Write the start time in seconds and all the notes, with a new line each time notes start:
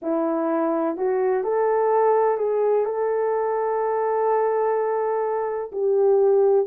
0.02 E4
0.97 F#4
1.43 A4
2.37 G#4
2.85 A4
5.71 G4